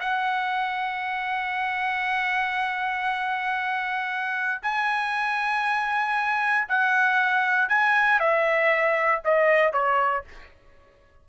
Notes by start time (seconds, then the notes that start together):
0.00 F#5
4.62 G#5
6.68 F#5
7.69 G#5
8.20 E5
9.24 D#5
9.73 C#5